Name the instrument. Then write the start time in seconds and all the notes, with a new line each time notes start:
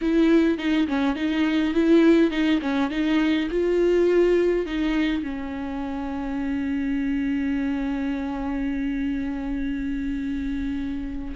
viola
0.01 E4
0.58 D#4
0.87 C#4
1.15 D#4
1.74 E4
2.30 D#4
2.61 C#4
2.90 D#4
3.50 F4
4.66 D#4
5.22 C#4